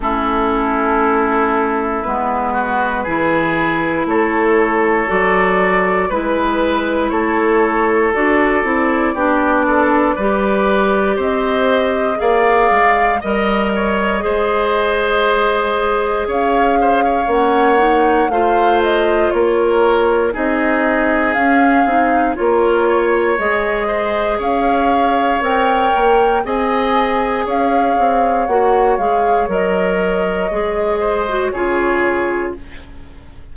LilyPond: <<
  \new Staff \with { instrumentName = "flute" } { \time 4/4 \tempo 4 = 59 a'2 b'2 | cis''4 d''4 b'4 cis''4 | d''2. dis''4 | f''4 dis''2. |
f''4 fis''4 f''8 dis''8 cis''4 | dis''4 f''4 cis''4 dis''4 | f''4 g''4 gis''4 f''4 | fis''8 f''8 dis''2 cis''4 | }
  \new Staff \with { instrumentName = "oboe" } { \time 4/4 e'2~ e'8 fis'8 gis'4 | a'2 b'4 a'4~ | a'4 g'8 a'8 b'4 c''4 | d''4 dis''8 cis''8 c''2 |
cis''8 c''16 cis''4~ cis''16 c''4 ais'4 | gis'2 ais'8 cis''4 c''8 | cis''2 dis''4 cis''4~ | cis''2~ cis''8 c''8 gis'4 | }
  \new Staff \with { instrumentName = "clarinet" } { \time 4/4 cis'2 b4 e'4~ | e'4 fis'4 e'2 | fis'8 e'8 d'4 g'2 | gis'4 ais'4 gis'2~ |
gis'4 cis'8 dis'8 f'2 | dis'4 cis'8 dis'8 f'4 gis'4~ | gis'4 ais'4 gis'2 | fis'8 gis'8 ais'4 gis'8. fis'16 f'4 | }
  \new Staff \with { instrumentName = "bassoon" } { \time 4/4 a2 gis4 e4 | a4 fis4 gis4 a4 | d'8 c'8 b4 g4 c'4 | ais8 gis8 g4 gis2 |
cis'4 ais4 a4 ais4 | c'4 cis'8 c'8 ais4 gis4 | cis'4 c'8 ais8 c'4 cis'8 c'8 | ais8 gis8 fis4 gis4 cis4 | }
>>